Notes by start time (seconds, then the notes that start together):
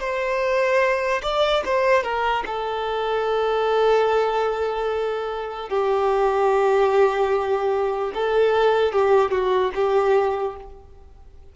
0.00 C5
1.22 D5
1.65 C5
2.03 A#4
2.46 A4
5.69 G4
8.14 A4
8.92 G4
9.31 F#4
9.75 G4